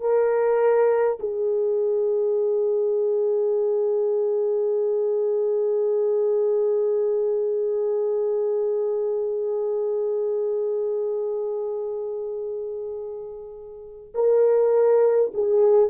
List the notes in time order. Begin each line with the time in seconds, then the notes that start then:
0.00 A#4
1.19 G#4
14.14 A#4
15.34 G#4